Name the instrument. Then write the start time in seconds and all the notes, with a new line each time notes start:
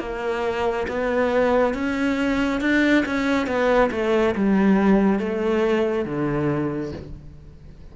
cello
0.00 A#3
0.88 B3
1.74 C#4
2.61 D4
3.06 C#4
3.47 B3
3.92 A3
4.35 G3
5.19 A3
6.06 D3